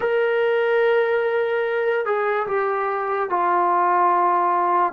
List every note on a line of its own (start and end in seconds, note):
0.00 2.05 A#4
2.05 2.47 G#4
2.47 3.29 G4
3.29 4.92 F4